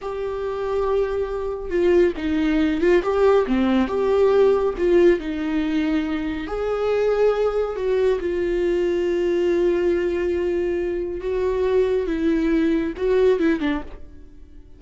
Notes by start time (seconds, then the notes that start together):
0.01 G4
1.70 F4
2.16 D#4
2.80 F4
3.03 G4
3.46 C4
3.87 G4
4.77 F4
5.19 D#4
6.47 G#4
7.76 F#4
8.20 F4
11.20 F#4
12.06 E4
12.96 F#4
13.39 E4
13.60 D4